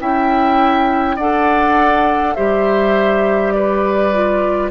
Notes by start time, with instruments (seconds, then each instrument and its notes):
0.00 bassoon C#4, clarinet E4, oboe E5, flute G5
1.16 bassoon D4, clarinet A4, oboe D5, flute F#5
2.35 bassoon G3, clarinet G4, oboe C5, flute E5
3.52 oboe B4, flute D5
4.13 clarinet F4